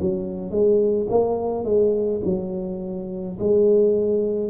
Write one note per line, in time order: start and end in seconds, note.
0.00 0.50 F#3
0.50 1.07 G#3
1.09 1.64 A#3
1.64 2.21 G#3
2.25 3.38 F#3
3.39 4.49 G#3